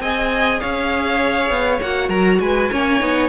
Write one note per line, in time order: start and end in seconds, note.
0.00 0.60 C4
0.00 1.80 G#4
0.00 0.60 D#5
0.00 0.60 G#5
0.60 1.50 C#4
0.60 2.08 C#5
0.60 1.80 F5
1.50 1.80 B3
1.81 2.09 A#3
1.81 2.71 F#4
1.81 2.09 F#5
2.08 2.39 F#3
2.08 2.38 A#4
2.08 2.39 A#5
2.40 2.70 G#3
2.40 2.71 B4
2.40 3.29 G#5
2.71 3.01 A#3
2.71 2.99 C#4
2.71 3.29 C#5
2.99 3.29 B3
2.99 3.29 D#4